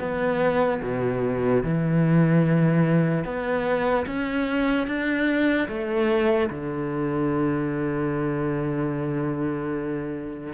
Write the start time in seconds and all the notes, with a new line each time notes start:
0.00 B3
0.83 B2
1.64 E3
3.25 B3
4.07 C#4
4.87 D4
5.69 A3
6.50 D3